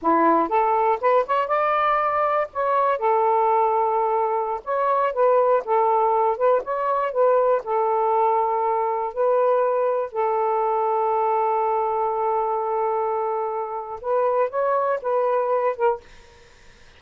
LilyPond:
\new Staff \with { instrumentName = "saxophone" } { \time 4/4 \tempo 4 = 120 e'4 a'4 b'8 cis''8 d''4~ | d''4 cis''4 a'2~ | a'4~ a'16 cis''4 b'4 a'8.~ | a'8. b'8 cis''4 b'4 a'8.~ |
a'2~ a'16 b'4.~ b'16~ | b'16 a'2.~ a'8.~ | a'1 | b'4 cis''4 b'4. ais'8 | }